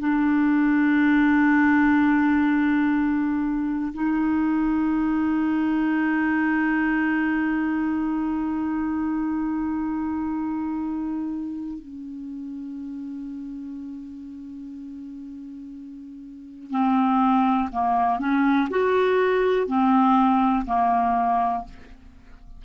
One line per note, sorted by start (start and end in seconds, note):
0.00 3.93 D4
3.94 11.79 D#4
11.79 16.71 C#4
16.71 17.70 C4
17.72 18.20 A#3
18.20 18.69 C#4
18.71 19.68 F#4
19.68 20.66 C4
20.66 21.65 A#3